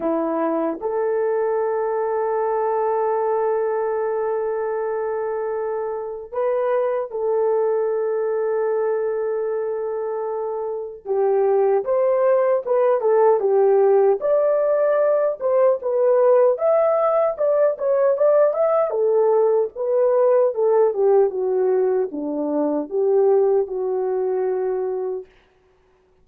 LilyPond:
\new Staff \with { instrumentName = "horn" } { \time 4/4 \tempo 4 = 76 e'4 a'2.~ | a'1 | b'4 a'2.~ | a'2 g'4 c''4 |
b'8 a'8 g'4 d''4. c''8 | b'4 e''4 d''8 cis''8 d''8 e''8 | a'4 b'4 a'8 g'8 fis'4 | d'4 g'4 fis'2 | }